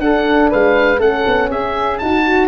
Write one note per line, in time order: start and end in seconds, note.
0.00 0.99 D4
0.00 0.50 D4
0.00 0.50 A4
0.00 0.50 F#5
0.50 0.99 G#3
0.50 0.99 B4
0.50 1.01 F5
0.99 1.24 A3
0.99 1.98 C#4
0.99 1.49 A4
0.99 1.50 F#5
1.26 1.51 B3
1.51 2.01 C#4
1.51 2.00 G#4
1.51 1.98 E5
1.98 2.48 D#4
1.98 2.48 F#4
1.98 2.48 A5